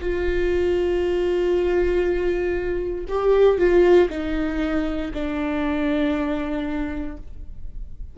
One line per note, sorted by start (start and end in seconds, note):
0.00 3.05 F4
3.08 3.58 G4
3.58 4.09 F4
4.10 5.11 D#4
5.14 7.17 D4